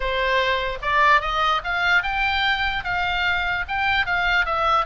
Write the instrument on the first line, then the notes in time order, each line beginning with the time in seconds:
oboe
0.00 C5
0.82 D5
1.21 D#5
1.64 F5
2.03 G5
2.84 F5
3.68 G5
4.05 F5
4.45 E5